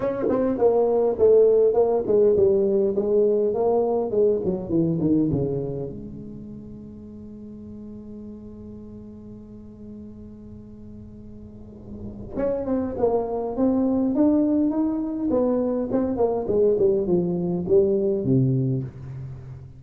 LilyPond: \new Staff \with { instrumentName = "tuba" } { \time 4/4 \tempo 4 = 102 cis'8 c'8 ais4 a4 ais8 gis8 | g4 gis4 ais4 gis8 fis8 | e8 dis8 cis4 gis2~ | gis1~ |
gis1~ | gis4 cis'8 c'8 ais4 c'4 | d'4 dis'4 b4 c'8 ais8 | gis8 g8 f4 g4 c4 | }